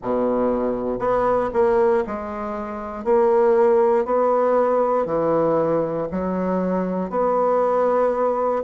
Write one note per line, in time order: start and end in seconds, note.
0.02 0.99 B2
0.99 1.50 B3
1.53 2.03 A#3
2.06 3.04 G#3
3.04 4.04 A#3
4.04 5.05 B3
5.05 6.07 E3
6.11 7.10 F#3
7.10 8.62 B3